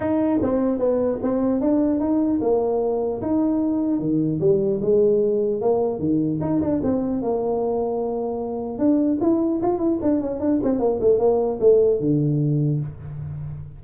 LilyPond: \new Staff \with { instrumentName = "tuba" } { \time 4/4 \tempo 4 = 150 dis'4 c'4 b4 c'4 | d'4 dis'4 ais2 | dis'2 dis4 g4 | gis2 ais4 dis4 |
dis'8 d'8 c'4 ais2~ | ais2 d'4 e'4 | f'8 e'8 d'8 cis'8 d'8 c'8 ais8 a8 | ais4 a4 d2 | }